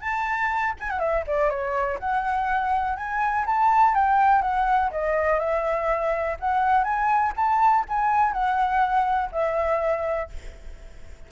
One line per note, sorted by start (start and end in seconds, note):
0.00 0.73 A5
0.79 0.90 G#5
0.90 0.99 F#5
0.99 1.23 E5
1.27 1.49 D5
1.49 1.98 C#5
1.99 2.96 F#5
2.96 3.45 G#5
3.46 3.94 A5
3.94 4.41 G5
4.41 4.90 F#5
4.91 5.39 D#5
5.39 6.37 E5
6.39 6.84 F#5
6.84 7.32 G#5
7.36 7.85 A5
7.88 8.32 G#5
8.32 9.30 F#5
9.31 10.29 E5